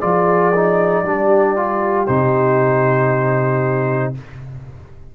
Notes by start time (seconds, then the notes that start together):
0.00 F3 F4 G#4 D5
0.55 D#4
1.02 G3 D4 G4
1.56 F4
2.06 C3 D#4 C5